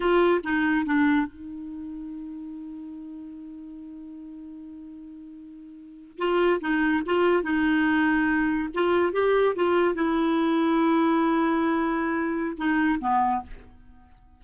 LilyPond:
\new Staff \with { instrumentName = "clarinet" } { \time 4/4 \tempo 4 = 143 f'4 dis'4 d'4 dis'4~ | dis'1~ | dis'1~ | dis'2~ dis'8. f'4 dis'16~ |
dis'8. f'4 dis'2~ dis'16~ | dis'8. f'4 g'4 f'4 e'16~ | e'1~ | e'2 dis'4 b4 | }